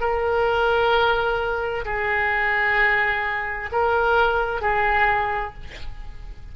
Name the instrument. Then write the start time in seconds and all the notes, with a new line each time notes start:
oboe
0.00 A#4
1.85 G#4
3.72 A#4
4.62 G#4